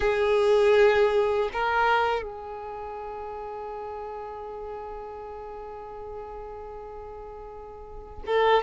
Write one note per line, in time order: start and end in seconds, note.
0.00 1.49 G#4
1.52 2.22 A#4
2.22 8.22 G#4
8.26 8.63 A4